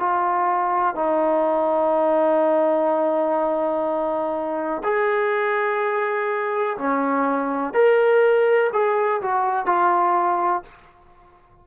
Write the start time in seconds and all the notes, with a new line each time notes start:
0.00 F4
0.95 D#4
4.84 G#4
6.78 C#4
7.74 A#4
8.73 G#4
9.22 F#4
9.66 F4